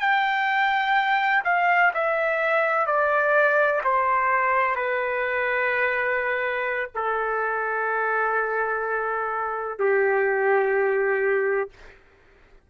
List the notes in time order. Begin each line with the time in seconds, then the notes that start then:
0.00 G5
1.44 F5
1.94 E5
2.86 D5
3.84 C5
4.75 B4
6.94 A4
9.79 G4